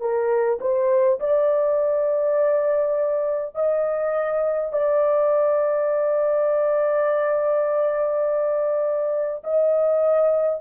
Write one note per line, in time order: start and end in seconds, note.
0.00 0.59 A#4
0.60 1.19 C5
1.20 3.55 D5
3.55 4.72 D#5
4.72 9.43 D5
9.43 10.61 D#5